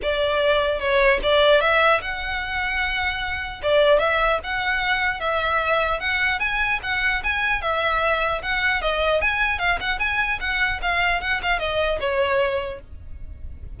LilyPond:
\new Staff \with { instrumentName = "violin" } { \time 4/4 \tempo 4 = 150 d''2 cis''4 d''4 | e''4 fis''2.~ | fis''4 d''4 e''4 fis''4~ | fis''4 e''2 fis''4 |
gis''4 fis''4 gis''4 e''4~ | e''4 fis''4 dis''4 gis''4 | f''8 fis''8 gis''4 fis''4 f''4 | fis''8 f''8 dis''4 cis''2 | }